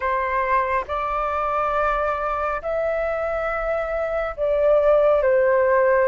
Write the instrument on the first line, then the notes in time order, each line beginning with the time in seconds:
flute
0.00 C5
0.87 D5
2.61 E5
4.36 D5
5.22 C5